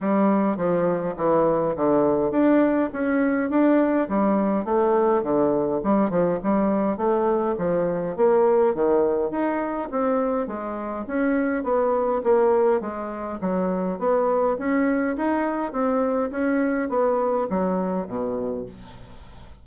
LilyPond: \new Staff \with { instrumentName = "bassoon" } { \time 4/4 \tempo 4 = 103 g4 f4 e4 d4 | d'4 cis'4 d'4 g4 | a4 d4 g8 f8 g4 | a4 f4 ais4 dis4 |
dis'4 c'4 gis4 cis'4 | b4 ais4 gis4 fis4 | b4 cis'4 dis'4 c'4 | cis'4 b4 fis4 b,4 | }